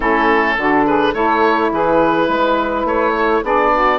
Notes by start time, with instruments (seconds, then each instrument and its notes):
0.00 bassoon A3, saxophone C#4 E4, oboe A4
0.57 bassoon D3, saxophone D4 F#4
0.86 saxophone G#4, oboe B4
1.12 bassoon A3, saxophone E4 A4, oboe C#5
1.71 bassoon E3, saxophone G#4, oboe B4
2.27 bassoon G#3, saxophone B4
2.84 bassoon A3, oboe C#5
3.13 saxophone A4
3.42 bassoon B3, saxophone D4 G#4, oboe D5
3.73 saxophone F#4